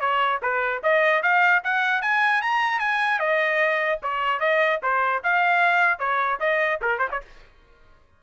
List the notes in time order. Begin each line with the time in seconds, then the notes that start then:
0.00 C#5
0.42 B4
0.83 D#5
1.22 F5
1.64 F#5
2.01 G#5
2.42 A#5
2.79 G#5
3.19 D#5
4.03 C#5
4.39 D#5
4.82 C5
5.23 F5
5.99 C#5
6.40 D#5
6.81 A#4
6.99 C5
7.11 C#5